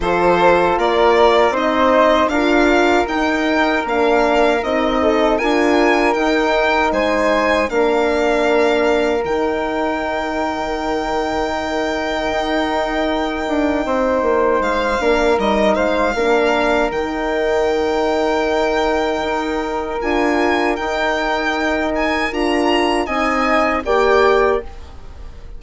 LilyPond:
<<
  \new Staff \with { instrumentName = "violin" } { \time 4/4 \tempo 4 = 78 c''4 d''4 dis''4 f''4 | g''4 f''4 dis''4 gis''4 | g''4 gis''4 f''2 | g''1~ |
g''2. f''4 | dis''8 f''4. g''2~ | g''2 gis''4 g''4~ | g''8 gis''8 ais''4 gis''4 g''4 | }
  \new Staff \with { instrumentName = "flute" } { \time 4/4 a'4 ais'4 c''4 ais'4~ | ais'2~ ais'8 a'8 ais'4~ | ais'4 c''4 ais'2~ | ais'1~ |
ais'2 c''4. ais'8~ | ais'8 c''8 ais'2.~ | ais'1~ | ais'2 dis''4 d''4 | }
  \new Staff \with { instrumentName = "horn" } { \time 4/4 f'2 dis'4 f'4 | dis'4 d'4 dis'4 f'4 | dis'2 d'2 | dis'1~ |
dis'2.~ dis'8 d'8 | dis'4 d'4 dis'2~ | dis'2 f'4 dis'4~ | dis'4 f'4 dis'4 g'4 | }
  \new Staff \with { instrumentName = "bassoon" } { \time 4/4 f4 ais4 c'4 d'4 | dis'4 ais4 c'4 d'4 | dis'4 gis4 ais2 | dis1 |
dis'4. d'8 c'8 ais8 gis8 ais8 | g8 gis8 ais4 dis2~ | dis4 dis'4 d'4 dis'4~ | dis'4 d'4 c'4 ais4 | }
>>